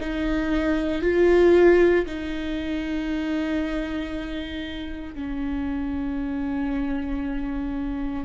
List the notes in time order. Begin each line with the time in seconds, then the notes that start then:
0.00 D#4
1.02 F4
2.06 D#4
5.15 C#4